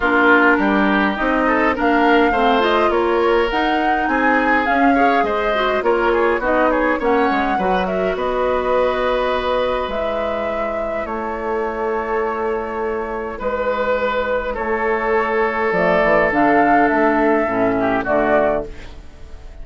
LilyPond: <<
  \new Staff \with { instrumentName = "flute" } { \time 4/4 \tempo 4 = 103 ais'2 dis''4 f''4~ | f''8 dis''8 cis''4 fis''4 gis''4 | f''4 dis''4 cis''4 dis''8 cis''8 | fis''4. e''8 dis''2~ |
dis''4 e''2 cis''4~ | cis''2. b'4~ | b'4 cis''2 d''4 | f''4 e''2 d''4 | }
  \new Staff \with { instrumentName = "oboe" } { \time 4/4 f'4 g'4. a'8 ais'4 | c''4 ais'2 gis'4~ | gis'8 cis''8 c''4 ais'8 gis'8 fis'8 gis'8 | cis''4 b'8 ais'8 b'2~ |
b'2. a'4~ | a'2. b'4~ | b'4 a'2.~ | a'2~ a'8 g'8 fis'4 | }
  \new Staff \with { instrumentName = "clarinet" } { \time 4/4 d'2 dis'4 d'4 | c'8 f'4. dis'2 | cis'8 gis'4 fis'8 f'4 dis'4 | cis'4 fis'2.~ |
fis'4 e'2.~ | e'1~ | e'2. a4 | d'2 cis'4 a4 | }
  \new Staff \with { instrumentName = "bassoon" } { \time 4/4 ais4 g4 c'4 ais4 | a4 ais4 dis'4 c'4 | cis'4 gis4 ais4 b4 | ais8 gis8 fis4 b2~ |
b4 gis2 a4~ | a2. gis4~ | gis4 a2 f8 e8 | d4 a4 a,4 d4 | }
>>